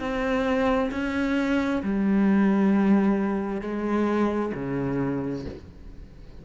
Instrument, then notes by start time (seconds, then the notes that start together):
cello
0.00 C4
0.92 C#4
1.83 G3
3.62 G#3
4.55 C#3